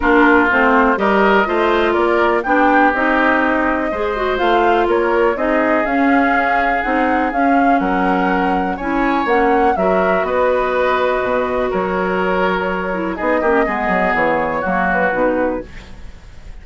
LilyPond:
<<
  \new Staff \with { instrumentName = "flute" } { \time 4/4 \tempo 4 = 123 ais'4 c''4 dis''2 | d''4 g''4 dis''2~ | dis''4 f''4 cis''4 dis''4 | f''2 fis''4 f''4 |
fis''2 gis''4 fis''4 | e''4 dis''2. | cis''2. dis''4~ | dis''4 cis''4. b'4. | }
  \new Staff \with { instrumentName = "oboe" } { \time 4/4 f'2 ais'4 c''4 | ais'4 g'2. | c''2 ais'4 gis'4~ | gis'1 |
ais'2 cis''2 | ais'4 b'2. | ais'2. gis'8 g'8 | gis'2 fis'2 | }
  \new Staff \with { instrumentName = "clarinet" } { \time 4/4 d'4 c'4 g'4 f'4~ | f'4 d'4 dis'2 | gis'8 fis'8 f'2 dis'4 | cis'2 dis'4 cis'4~ |
cis'2 e'4 cis'4 | fis'1~ | fis'2~ fis'8 e'8 dis'8 cis'8 | b2 ais4 dis'4 | }
  \new Staff \with { instrumentName = "bassoon" } { \time 4/4 ais4 a4 g4 a4 | ais4 b4 c'2 | gis4 a4 ais4 c'4 | cis'2 c'4 cis'4 |
fis2 cis'4 ais4 | fis4 b2 b,4 | fis2. b8 ais8 | gis8 fis8 e4 fis4 b,4 | }
>>